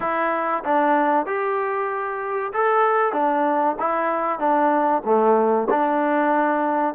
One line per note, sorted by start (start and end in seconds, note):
0.00 0.63 E4
0.64 1.25 D4
1.25 2.52 G4
2.53 3.12 A4
3.12 3.76 D4
3.79 4.39 E4
4.39 5.02 D4
5.04 5.68 A3
5.70 6.94 D4